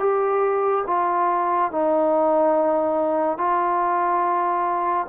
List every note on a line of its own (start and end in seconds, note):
0.00 0.85 G4
0.87 1.72 F4
1.72 3.38 D#4
3.38 5.07 F4